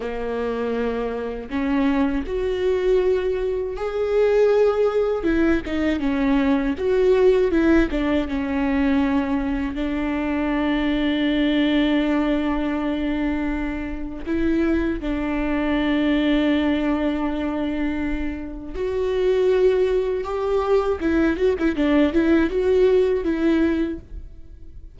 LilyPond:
\new Staff \with { instrumentName = "viola" } { \time 4/4 \tempo 4 = 80 ais2 cis'4 fis'4~ | fis'4 gis'2 e'8 dis'8 | cis'4 fis'4 e'8 d'8 cis'4~ | cis'4 d'2.~ |
d'2. e'4 | d'1~ | d'4 fis'2 g'4 | e'8 fis'16 e'16 d'8 e'8 fis'4 e'4 | }